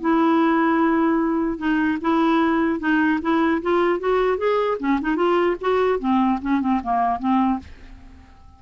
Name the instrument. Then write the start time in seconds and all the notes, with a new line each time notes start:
clarinet
0.00 E4
1.58 D#4
2.01 E4
2.79 D#4
3.21 E4
3.62 F4
3.99 F#4
4.37 G#4
4.79 C#4
5.01 D#4
5.15 F4
5.60 F#4
5.99 C4
6.41 C#4
6.61 C4
6.83 A#3
7.19 C4